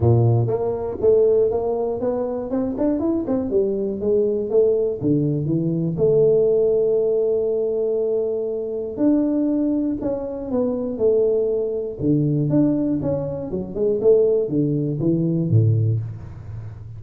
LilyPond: \new Staff \with { instrumentName = "tuba" } { \time 4/4 \tempo 4 = 120 ais,4 ais4 a4 ais4 | b4 c'8 d'8 e'8 c'8 g4 | gis4 a4 d4 e4 | a1~ |
a2 d'2 | cis'4 b4 a2 | d4 d'4 cis'4 fis8 gis8 | a4 d4 e4 a,4 | }